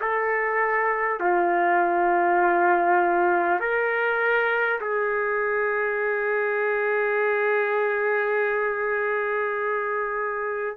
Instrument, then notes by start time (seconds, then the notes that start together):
trumpet
0.00 A4
1.20 F4
3.60 A#4
4.80 G#4